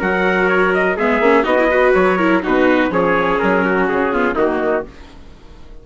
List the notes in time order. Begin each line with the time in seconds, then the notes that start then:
0.00 F#3 F#4 A#4 F#5
0.49 C#5
0.74 D#5
0.97 G#3 B3 G#4 E5
1.20 A#3 C#4
1.44 B3 D#4 F#4 D#5
1.59 E4
1.71 F#4 B4
1.95 F#3 C#5
2.18 E4 A#4
2.43 B2 D#4 F#4 B4
2.90 F3 C#4 G#4 C#5
3.40 F#3 A#4
3.65 F#4
3.89 C#3 G#4
4.13 B3 F4
4.36 D#3 A#3 D#4 F#4